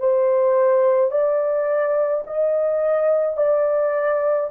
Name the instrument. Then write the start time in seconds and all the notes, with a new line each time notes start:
horn
0.00 C5
1.12 D5
2.27 D#5
3.38 D5